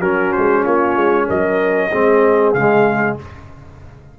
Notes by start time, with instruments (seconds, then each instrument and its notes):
0.00 tuba F#3, trombone C#4, horn F#4, trumpet A#4
0.33 tuba G#3, trumpet C5
0.63 tuba A#3, horn F4, trumpet C#5
0.96 tuba G#3
1.28 tuba F#3, horn A#4, trumpet D#5
1.90 tuba G#3, trombone C4, horn G#4
2.54 tuba C#3, trombone G#3, trumpet F5